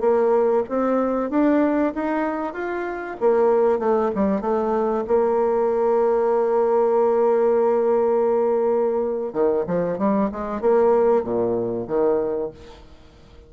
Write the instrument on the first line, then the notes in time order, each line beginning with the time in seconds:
bassoon
0.00 A#3
0.69 C4
1.30 D4
1.94 D#4
2.53 F4
3.20 A#3
3.79 A3
4.15 G3
4.41 A3
5.07 A#3
9.33 D#3
9.67 F3
9.98 G3
10.32 G#3
10.61 A#3
11.23 A#2
11.87 D#3